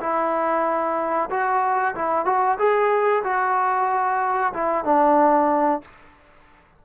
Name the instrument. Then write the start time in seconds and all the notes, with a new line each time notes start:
trombone
0.00 E4
1.30 F#4
1.94 E4
2.25 F#4
2.58 G#4
3.23 F#4
4.53 E4
4.84 D4